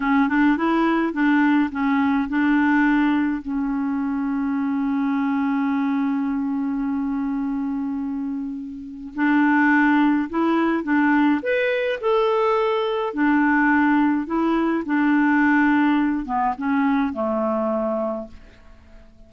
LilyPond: \new Staff \with { instrumentName = "clarinet" } { \time 4/4 \tempo 4 = 105 cis'8 d'8 e'4 d'4 cis'4 | d'2 cis'2~ | cis'1~ | cis'1 |
d'2 e'4 d'4 | b'4 a'2 d'4~ | d'4 e'4 d'2~ | d'8 b8 cis'4 a2 | }